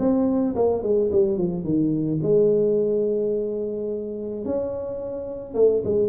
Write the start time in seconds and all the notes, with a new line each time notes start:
0.00 C4
0.56 A#3
0.83 G#3
1.13 G3
1.38 F3
1.64 D#3
2.23 G#3
4.46 C#4
5.55 A3
5.85 G#3